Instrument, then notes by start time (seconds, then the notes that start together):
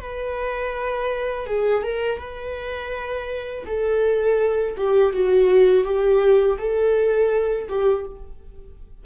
viola
0.00 B4
1.46 G#4
1.83 A#4
2.18 B4
3.66 A4
4.77 G4
5.12 F#4
5.84 G4
6.58 A4
7.68 G4